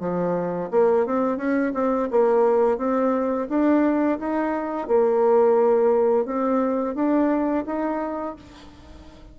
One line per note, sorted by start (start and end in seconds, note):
0.00 0.70 F3
0.71 1.06 A#3
1.06 1.38 C4
1.38 1.73 C#4
1.74 2.09 C4
2.11 2.78 A#3
2.78 3.48 C4
3.49 4.19 D4
4.19 4.88 D#4
4.88 6.25 A#3
6.25 6.95 C4
6.95 7.65 D4
7.66 8.36 D#4